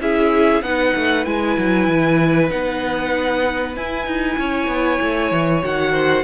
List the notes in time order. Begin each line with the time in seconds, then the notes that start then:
0.00 C#4 E4 G#4 E5
0.62 B3 D#4 B4 F#5
0.96 A3
1.25 G#3 E4 G#5
1.58 F#3
1.88 E3
2.50 B3 D#4 F#5
3.76 E4 G#5
4.06 D#4
4.38 C#4 C#5
4.68 B3
5.01 A3
5.31 E3
5.62 D#3 F#4 F#5
5.92 C5